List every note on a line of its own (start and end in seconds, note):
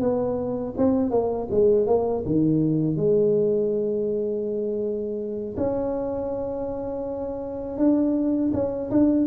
0.00 0.74 B3
0.77 1.10 C4
1.10 1.47 A#3
1.50 1.87 G#3
1.87 2.24 A#3
2.26 2.96 D#3
2.96 5.55 G#3
5.57 7.77 C#4
7.77 8.52 D4
8.53 8.90 C#4
8.90 9.26 D4